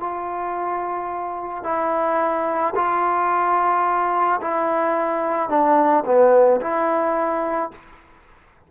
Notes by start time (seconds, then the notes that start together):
0.00 F4
1.64 E4
2.76 F4
4.42 E4
5.50 D4
6.06 B3
6.62 E4